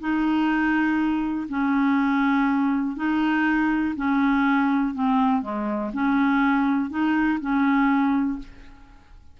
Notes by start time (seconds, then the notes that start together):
0.00 D#4
1.49 C#4
2.96 D#4
3.96 C#4
4.94 C4
5.42 G#3
5.93 C#4
6.90 D#4
7.40 C#4